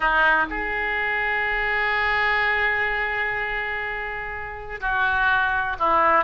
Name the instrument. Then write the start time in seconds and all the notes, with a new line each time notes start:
oboe
0.00 D#4
0.50 G#4
4.80 F#4
5.79 E4